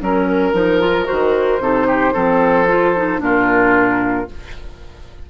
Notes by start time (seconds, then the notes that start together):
0.00 F#3 C#4 A#4
0.53 F3 D#4
0.80 F4
1.04 F#4 C5
1.10 D#3
1.59 C3 D#4 A4
1.86 G4
2.12 F3 C4 A4
2.68 F4
2.96 D#4
3.19 A#2 D4 F4 A#4